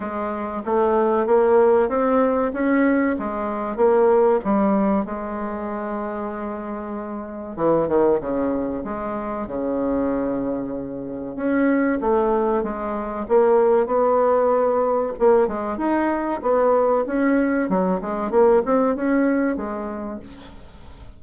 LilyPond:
\new Staff \with { instrumentName = "bassoon" } { \time 4/4 \tempo 4 = 95 gis4 a4 ais4 c'4 | cis'4 gis4 ais4 g4 | gis1 | e8 dis8 cis4 gis4 cis4~ |
cis2 cis'4 a4 | gis4 ais4 b2 | ais8 gis8 dis'4 b4 cis'4 | fis8 gis8 ais8 c'8 cis'4 gis4 | }